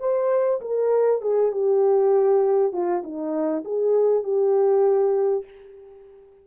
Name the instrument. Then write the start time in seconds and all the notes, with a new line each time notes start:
horn
0.00 C5
0.61 A#4
1.21 G#4
1.52 G4
2.72 F4
3.03 D#4
3.65 G#4
4.24 G4